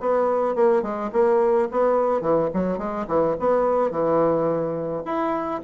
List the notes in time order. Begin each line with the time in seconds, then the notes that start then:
0.00 B3
0.55 A#3
0.82 G#3
1.12 A#3
1.71 B3
2.21 E3
2.53 F#3
2.78 G#3
3.07 E3
3.40 B3
3.91 E3
5.05 E4